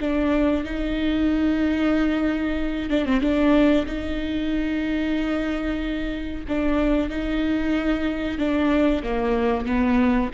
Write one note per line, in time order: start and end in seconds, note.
0.00 0.64 D4
0.64 2.89 D#4
2.90 3.05 D4
3.05 3.21 C4
3.21 3.85 D4
3.86 6.44 D#4
6.48 7.09 D4
7.09 8.38 D#4
8.38 9.02 D4
9.03 9.65 A#3
9.65 10.30 B3